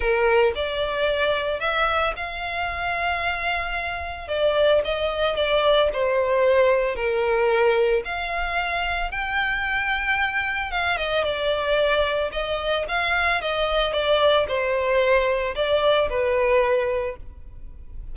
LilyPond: \new Staff \with { instrumentName = "violin" } { \time 4/4 \tempo 4 = 112 ais'4 d''2 e''4 | f''1 | d''4 dis''4 d''4 c''4~ | c''4 ais'2 f''4~ |
f''4 g''2. | f''8 dis''8 d''2 dis''4 | f''4 dis''4 d''4 c''4~ | c''4 d''4 b'2 | }